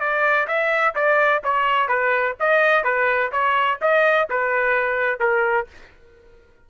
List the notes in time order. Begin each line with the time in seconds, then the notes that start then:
0.00 D5
0.47 E5
0.95 D5
1.44 C#5
1.88 B4
2.40 D#5
2.84 B4
3.32 C#5
3.82 D#5
4.30 B4
5.20 A#4